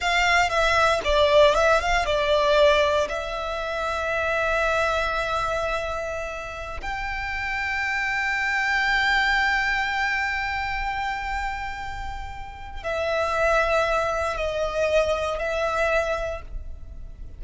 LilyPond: \new Staff \with { instrumentName = "violin" } { \time 4/4 \tempo 4 = 117 f''4 e''4 d''4 e''8 f''8 | d''2 e''2~ | e''1~ | e''4~ e''16 g''2~ g''8.~ |
g''1~ | g''1~ | g''4 e''2. | dis''2 e''2 | }